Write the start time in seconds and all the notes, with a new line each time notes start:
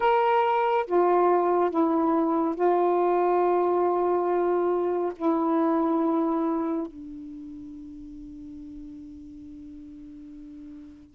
0.00 A#4
0.86 F4
1.70 E4
2.55 F4
5.15 E4
6.87 D4